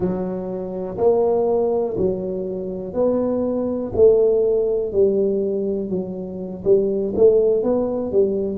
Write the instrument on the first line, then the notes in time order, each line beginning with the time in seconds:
tuba
0.00 F#3
0.97 A#3
1.97 F#3
2.93 B3
3.95 A3
4.92 G3
5.89 F#3
6.64 G3
7.15 A3
7.63 B3
8.11 G3